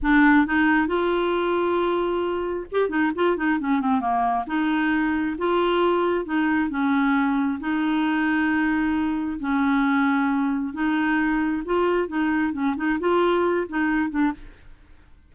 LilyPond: \new Staff \with { instrumentName = "clarinet" } { \time 4/4 \tempo 4 = 134 d'4 dis'4 f'2~ | f'2 g'8 dis'8 f'8 dis'8 | cis'8 c'8 ais4 dis'2 | f'2 dis'4 cis'4~ |
cis'4 dis'2.~ | dis'4 cis'2. | dis'2 f'4 dis'4 | cis'8 dis'8 f'4. dis'4 d'8 | }